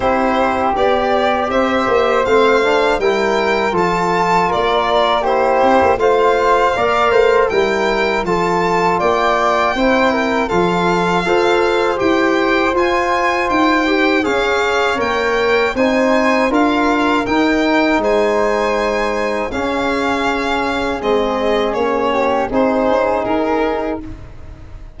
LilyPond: <<
  \new Staff \with { instrumentName = "violin" } { \time 4/4 \tempo 4 = 80 c''4 d''4 e''4 f''4 | g''4 a''4 d''4 c''4 | f''2 g''4 a''4 | g''2 f''2 |
g''4 gis''4 g''4 f''4 | g''4 gis''4 f''4 g''4 | gis''2 f''2 | dis''4 cis''4 c''4 ais'4 | }
  \new Staff \with { instrumentName = "flute" } { \time 4/4 g'2 c''2 | ais'4 a'4 ais'4 g'4 | c''4 d''8 c''8 ais'4 a'4 | d''4 c''8 ais'8 a'4 c''4~ |
c''2. cis''4~ | cis''4 c''4 ais'2 | c''2 gis'2~ | gis'4. g'8 gis'2 | }
  \new Staff \with { instrumentName = "trombone" } { \time 4/4 e'4 g'2 c'8 d'8 | e'4 f'2 e'4 | f'4 ais'4 e'4 f'4~ | f'4 e'4 f'4 a'4 |
g'4 f'4. g'8 gis'4 | ais'4 dis'4 f'4 dis'4~ | dis'2 cis'2 | c'4 cis'4 dis'2 | }
  \new Staff \with { instrumentName = "tuba" } { \time 4/4 c'4 b4 c'8 ais8 a4 | g4 f4 ais4. c'16 ais16 | a4 ais8 a8 g4 f4 | ais4 c'4 f4 f'4 |
e'4 f'4 dis'4 cis'4 | ais4 c'4 d'4 dis'4 | gis2 cis'2 | gis4 ais4 c'8 cis'8 dis'4 | }
>>